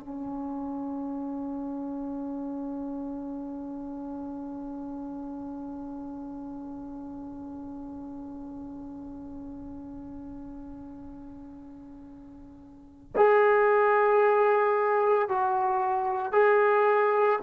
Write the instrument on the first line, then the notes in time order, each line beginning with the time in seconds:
trombone
0.00 C#4
13.16 G#4
15.29 F#4
16.32 G#4